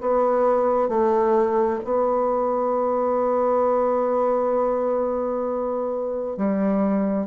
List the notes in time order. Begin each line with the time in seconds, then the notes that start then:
0.00 B3
0.88 A3
1.83 B3
6.36 G3